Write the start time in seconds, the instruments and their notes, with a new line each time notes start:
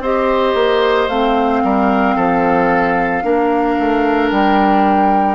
0.00 bassoon C4, clarinet G4, oboe C5, flute D#5
0.54 bassoon A#3
1.08 bassoon A3, clarinet C4, flute F5
1.64 bassoon G3, oboe A#4
2.16 bassoon F3, oboe A4
3.23 bassoon A#3, clarinet D4, oboe A#4
3.79 bassoon A3
4.30 bassoon G3, flute G5